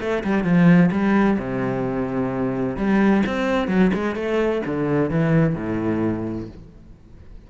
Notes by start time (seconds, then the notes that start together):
0.00 A3
0.24 G3
0.44 F3
0.91 G3
1.38 C3
2.76 G3
3.26 C4
3.68 F#3
3.94 G#3
4.15 A3
4.66 D3
5.10 E3
5.55 A2